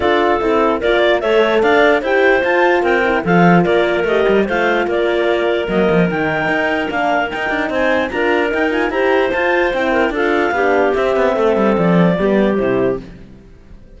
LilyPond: <<
  \new Staff \with { instrumentName = "clarinet" } { \time 4/4 \tempo 4 = 148 d''4 a'4 d''4 e''4 | f''4 g''4 a''4 g''4 | f''4 d''4 dis''4 f''4 | d''2 dis''4 g''4~ |
g''4 f''4 g''4 gis''4 | ais''4 g''8 gis''8 ais''4 a''4 | g''4 f''2 e''4~ | e''4 d''2 c''4 | }
  \new Staff \with { instrumentName = "clarinet" } { \time 4/4 a'2 ais'8 d''8 cis''4 | d''4 c''2 ais'4 | a'4 ais'2 c''4 | ais'1~ |
ais'2. c''4 | ais'2 c''2~ | c''8 ais'8 a'4 g'2 | a'2 g'2 | }
  \new Staff \with { instrumentName = "horn" } { \time 4/4 f'4 e'4 f'4 a'4~ | a'4 g'4 f'4. e'8 | f'2 g'4 f'4~ | f'2 ais4 dis'4~ |
dis'4 d'4 dis'2 | f'4 dis'8 f'8 g'4 f'4 | e'4 f'4 d'4 c'4~ | c'2 b4 e'4 | }
  \new Staff \with { instrumentName = "cello" } { \time 4/4 d'4 c'4 ais4 a4 | d'4 e'4 f'4 c'4 | f4 ais4 a8 g8 a4 | ais2 fis8 f8 dis4 |
dis'4 ais4 dis'8 d'8 c'4 | d'4 dis'4 e'4 f'4 | c'4 d'4 b4 c'8 b8 | a8 g8 f4 g4 c4 | }
>>